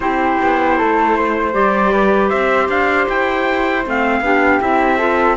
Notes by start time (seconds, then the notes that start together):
0.00 C4 E4 G4 C5
0.41 B3
0.78 A3 A4
1.16 C5
1.52 G3 G4 D5
1.92 B4
2.28 C4 C5 E5
2.68 D4 F5
3.08 E4 G5
3.84 A3 C4 F5
4.20 B3 D4 G4
4.60 C4 E4 E5
4.97 F4 A4